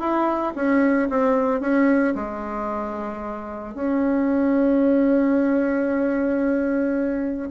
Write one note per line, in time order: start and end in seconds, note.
0.00 0.54 E4
0.56 1.09 C#4
1.10 1.61 C4
1.61 2.15 C#4
2.16 3.75 G#3
3.75 7.50 C#4